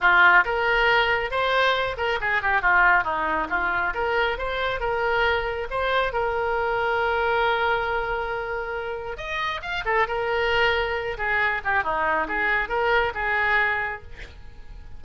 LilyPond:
\new Staff \with { instrumentName = "oboe" } { \time 4/4 \tempo 4 = 137 f'4 ais'2 c''4~ | c''8 ais'8 gis'8 g'8 f'4 dis'4 | f'4 ais'4 c''4 ais'4~ | ais'4 c''4 ais'2~ |
ais'1~ | ais'4 dis''4 f''8 a'8 ais'4~ | ais'4. gis'4 g'8 dis'4 | gis'4 ais'4 gis'2 | }